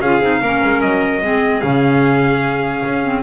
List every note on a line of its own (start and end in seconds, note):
0.00 0.20 C#4
0.00 0.21 F4
0.00 0.42 G#4
0.00 0.81 F5
0.20 0.40 C4
0.20 0.42 D#4
0.41 0.61 A#3
0.41 1.22 C#4
0.41 1.22 A#4
0.64 0.82 G#3
0.81 1.21 F#3
0.81 1.61 D#5
1.21 1.62 G#3
1.21 1.62 C4
1.21 3.23 G#4
1.61 2.84 C#3
1.61 3.03 C#4
1.61 3.22 F5
2.85 3.23 C#4
3.03 3.23 C4